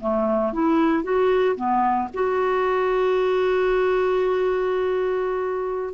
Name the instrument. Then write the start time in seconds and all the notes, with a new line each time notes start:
clarinet
0.00 A3
0.53 E4
1.04 F#4
1.56 B3
2.14 F#4